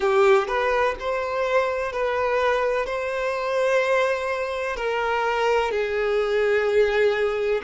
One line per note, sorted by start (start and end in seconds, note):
0.00 0.47 G4
0.47 0.95 B4
0.99 1.92 C5
1.92 2.86 B4
2.86 4.76 C5
4.76 5.71 A#4
5.71 7.61 G#4